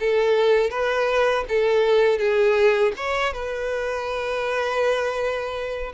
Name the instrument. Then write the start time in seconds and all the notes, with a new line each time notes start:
violin
0.00 A4
0.70 B4
1.49 A4
2.19 G#4
2.97 C#5
3.33 B4